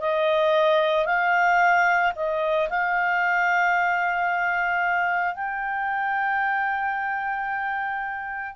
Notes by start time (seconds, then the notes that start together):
0.00 D#5
1.06 F5
2.16 D#5
2.69 F5
5.35 G5